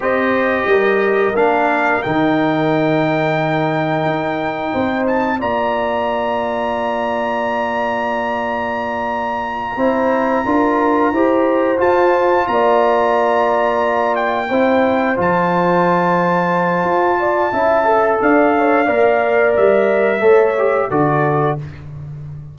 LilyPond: <<
  \new Staff \with { instrumentName = "trumpet" } { \time 4/4 \tempo 4 = 89 dis''2 f''4 g''4~ | g''2.~ g''8 a''8 | ais''1~ | ais''1~ |
ais''4. a''4 ais''4.~ | ais''4 g''4. a''4.~ | a''2. f''4~ | f''4 e''2 d''4 | }
  \new Staff \with { instrumentName = "horn" } { \time 4/4 c''4 ais'2.~ | ais'2. c''4 | d''1~ | d''2~ d''8 c''4 ais'8~ |
ais'8 c''2 d''4.~ | d''4. c''2~ c''8~ | c''4. d''8 e''4 d''8 cis''8 | d''2 cis''4 a'4 | }
  \new Staff \with { instrumentName = "trombone" } { \time 4/4 g'2 d'4 dis'4~ | dis'1 | f'1~ | f'2~ f'8 e'4 f'8~ |
f'8 g'4 f'2~ f'8~ | f'4. e'4 f'4.~ | f'2 e'8 a'4. | ais'2 a'8 g'8 fis'4 | }
  \new Staff \with { instrumentName = "tuba" } { \time 4/4 c'4 g4 ais4 dis4~ | dis2 dis'4 c'4 | ais1~ | ais2~ ais8 c'4 d'8~ |
d'8 e'4 f'4 ais4.~ | ais4. c'4 f4.~ | f4 f'4 cis'4 d'4 | ais4 g4 a4 d4 | }
>>